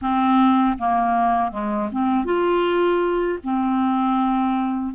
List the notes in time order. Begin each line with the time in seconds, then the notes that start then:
0.01 C4
0.78 A#3
1.51 G#3
1.92 C4
2.24 F4
3.43 C4